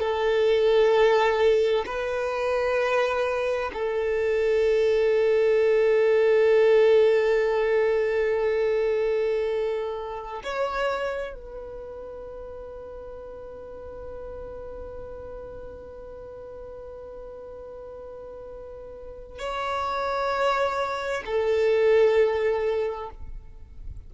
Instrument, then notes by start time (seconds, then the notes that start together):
violin
0.00 A4
1.86 B4
3.73 A4
10.43 C#5
11.35 B4
19.38 C#5
21.26 A4